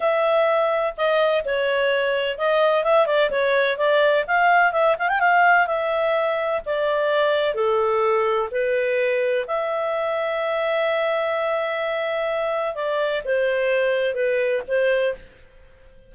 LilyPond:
\new Staff \with { instrumentName = "clarinet" } { \time 4/4 \tempo 4 = 127 e''2 dis''4 cis''4~ | cis''4 dis''4 e''8 d''8 cis''4 | d''4 f''4 e''8 f''16 g''16 f''4 | e''2 d''2 |
a'2 b'2 | e''1~ | e''2. d''4 | c''2 b'4 c''4 | }